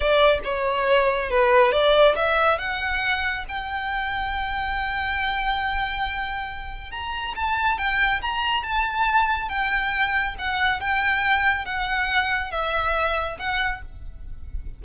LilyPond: \new Staff \with { instrumentName = "violin" } { \time 4/4 \tempo 4 = 139 d''4 cis''2 b'4 | d''4 e''4 fis''2 | g''1~ | g''1 |
ais''4 a''4 g''4 ais''4 | a''2 g''2 | fis''4 g''2 fis''4~ | fis''4 e''2 fis''4 | }